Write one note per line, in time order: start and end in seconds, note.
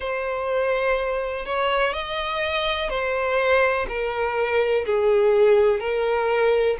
0.00 1.45 C5
1.45 1.93 C#5
1.93 2.89 D#5
2.89 3.86 C5
3.88 4.85 A#4
4.85 5.80 G#4
5.80 6.77 A#4